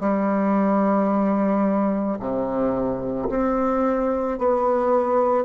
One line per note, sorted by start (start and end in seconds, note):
0.00 2.18 G3
2.20 3.29 C3
3.29 4.38 C4
4.39 5.44 B3